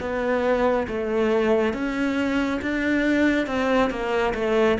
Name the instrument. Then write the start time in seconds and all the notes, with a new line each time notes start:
cello
0.00 B3
0.87 A3
1.73 C#4
2.62 D4
3.46 C4
3.90 A#3
4.34 A3